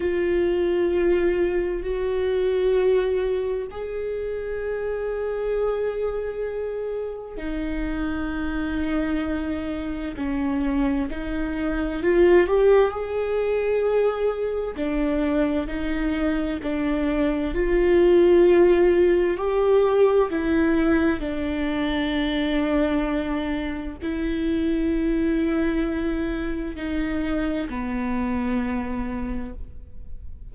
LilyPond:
\new Staff \with { instrumentName = "viola" } { \time 4/4 \tempo 4 = 65 f'2 fis'2 | gis'1 | dis'2. cis'4 | dis'4 f'8 g'8 gis'2 |
d'4 dis'4 d'4 f'4~ | f'4 g'4 e'4 d'4~ | d'2 e'2~ | e'4 dis'4 b2 | }